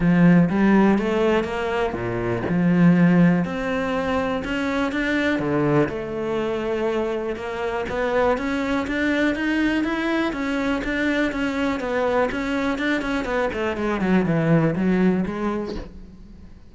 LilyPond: \new Staff \with { instrumentName = "cello" } { \time 4/4 \tempo 4 = 122 f4 g4 a4 ais4 | ais,4 f2 c'4~ | c'4 cis'4 d'4 d4 | a2. ais4 |
b4 cis'4 d'4 dis'4 | e'4 cis'4 d'4 cis'4 | b4 cis'4 d'8 cis'8 b8 a8 | gis8 fis8 e4 fis4 gis4 | }